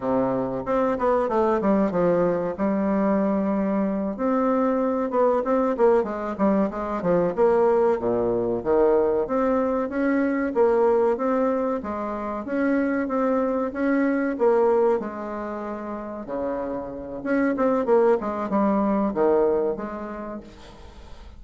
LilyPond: \new Staff \with { instrumentName = "bassoon" } { \time 4/4 \tempo 4 = 94 c4 c'8 b8 a8 g8 f4 | g2~ g8 c'4. | b8 c'8 ais8 gis8 g8 gis8 f8 ais8~ | ais8 ais,4 dis4 c'4 cis'8~ |
cis'8 ais4 c'4 gis4 cis'8~ | cis'8 c'4 cis'4 ais4 gis8~ | gis4. cis4. cis'8 c'8 | ais8 gis8 g4 dis4 gis4 | }